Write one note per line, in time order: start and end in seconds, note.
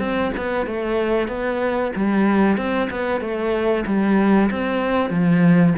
0.00 0.32 C4
0.37 0.67 B3
0.67 1.29 A3
1.29 1.93 B3
1.96 2.58 G3
2.58 2.90 C4
2.91 3.21 B3
3.21 3.85 A3
3.87 4.51 G3
4.51 5.11 C4
5.11 5.74 F3